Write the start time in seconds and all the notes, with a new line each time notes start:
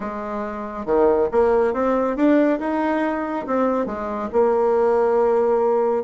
0.00 G#3
0.85 D#3
1.31 A#3
1.73 C4
2.16 D4
2.59 D#4
3.46 C4
3.86 G#3
4.32 A#3